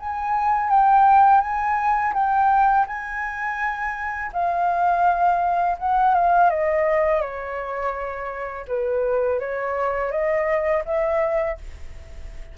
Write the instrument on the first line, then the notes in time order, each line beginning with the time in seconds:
flute
0.00 G#5
0.70 G5
1.41 G#5
2.14 G5
2.87 G#5
4.33 F5
5.79 F#5
6.14 F5
6.50 D#5
7.22 C#5
8.68 B4
9.40 C#5
10.11 D#5
10.85 E5